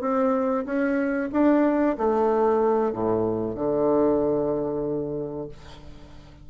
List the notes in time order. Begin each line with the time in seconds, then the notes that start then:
0.00 C4
0.65 C#4
1.32 D4
1.98 A3
2.92 A2
3.55 D3